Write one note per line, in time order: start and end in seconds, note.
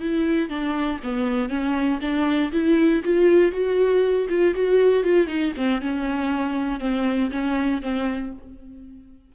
0.00 0.49 E4
0.49 0.99 D4
1.03 1.49 B3
1.49 2.00 C#4
2.01 2.52 D4
2.52 3.03 E4
3.05 3.52 F4
3.52 4.28 F#4
4.29 4.54 F4
4.54 5.04 F#4
5.04 5.27 F4
5.27 5.53 D#4
5.57 5.81 C4
5.81 6.80 C#4
6.80 7.30 C4
7.31 7.82 C#4
7.82 8.32 C4